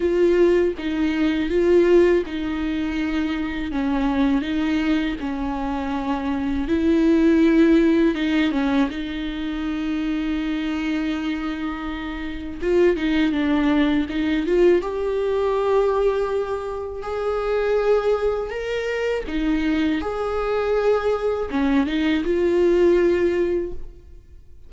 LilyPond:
\new Staff \with { instrumentName = "viola" } { \time 4/4 \tempo 4 = 81 f'4 dis'4 f'4 dis'4~ | dis'4 cis'4 dis'4 cis'4~ | cis'4 e'2 dis'8 cis'8 | dis'1~ |
dis'4 f'8 dis'8 d'4 dis'8 f'8 | g'2. gis'4~ | gis'4 ais'4 dis'4 gis'4~ | gis'4 cis'8 dis'8 f'2 | }